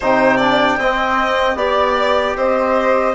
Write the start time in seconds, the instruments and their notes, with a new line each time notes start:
0.00 bassoon C3, trombone D#4, violin C5, flute G5
0.37 trombone D4, violin D5
0.77 bassoon C4, trombone C4, violin D#5
1.55 bassoon B3, trombone G4, flute D5, violin D5
2.36 bassoon C4, violin C5, flute D#5